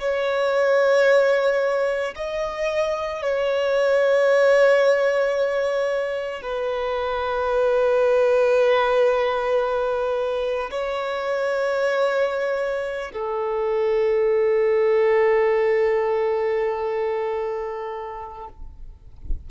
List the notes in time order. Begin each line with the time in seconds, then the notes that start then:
0.00 C#5
2.15 D#5
3.22 C#5
6.41 B4
10.70 C#5
13.12 A4